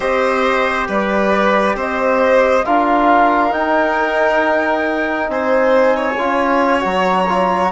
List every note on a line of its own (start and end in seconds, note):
0.00 0.88 C4
0.00 2.62 G4
0.00 0.87 C5
0.00 0.87 D#5
0.87 1.75 G3
0.87 1.75 B4
0.87 1.78 D5
1.75 2.63 C4
1.75 2.64 C5
1.75 2.65 D#5
2.65 3.53 D4
2.65 3.50 F4
2.65 5.30 A#4
2.65 3.52 F5
3.50 6.14 D#4
3.50 5.28 D#4
3.50 5.29 G5
5.28 6.17 C4
5.28 5.96 C5
5.28 6.84 G#5
5.96 7.71 C#5
6.18 6.84 C#4
6.18 6.80 F4
6.80 7.71 F#3
6.80 7.24 F#4
6.80 7.71 A#5
7.28 7.71 F4